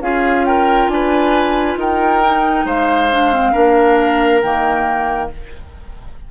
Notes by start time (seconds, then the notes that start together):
0.00 C#4 F4 G#4 F5
0.44 A#4 G5
0.87 D4 B4 G#5
1.76 D#4 A#4 G5
2.24 D#4
2.65 G#3 C5 F5
3.12 D4
3.33 C4
3.52 A#3 D4 A#4
4.41 D#3 A#3 G5